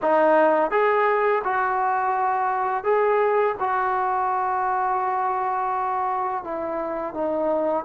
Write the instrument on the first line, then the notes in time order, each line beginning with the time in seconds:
trombone
0.02 D#4
0.70 G#4
1.44 F#4
2.84 G#4
3.59 F#4
6.44 E4
7.14 D#4